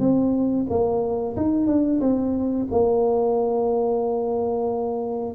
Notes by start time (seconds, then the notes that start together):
0.00 C4
0.70 A#3
1.37 D#4
1.67 D4
2.01 C4
2.72 A#3